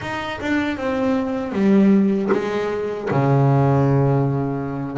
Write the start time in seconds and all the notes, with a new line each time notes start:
0.01 D#4
0.41 D4
0.77 C4
1.52 G3
2.31 G#3
3.10 C#3